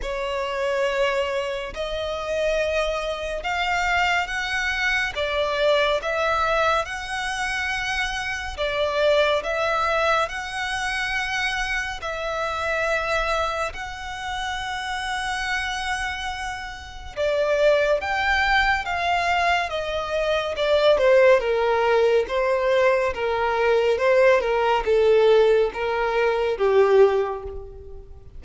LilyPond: \new Staff \with { instrumentName = "violin" } { \time 4/4 \tempo 4 = 70 cis''2 dis''2 | f''4 fis''4 d''4 e''4 | fis''2 d''4 e''4 | fis''2 e''2 |
fis''1 | d''4 g''4 f''4 dis''4 | d''8 c''8 ais'4 c''4 ais'4 | c''8 ais'8 a'4 ais'4 g'4 | }